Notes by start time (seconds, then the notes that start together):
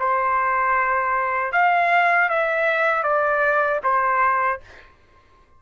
0.00 C5
1.52 F5
2.29 E5
3.03 D5
3.84 C5